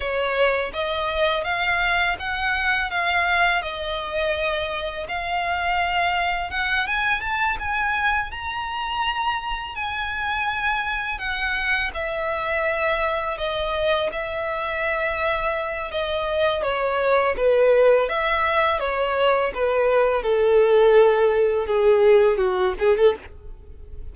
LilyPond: \new Staff \with { instrumentName = "violin" } { \time 4/4 \tempo 4 = 83 cis''4 dis''4 f''4 fis''4 | f''4 dis''2 f''4~ | f''4 fis''8 gis''8 a''8 gis''4 ais''8~ | ais''4. gis''2 fis''8~ |
fis''8 e''2 dis''4 e''8~ | e''2 dis''4 cis''4 | b'4 e''4 cis''4 b'4 | a'2 gis'4 fis'8 gis'16 a'16 | }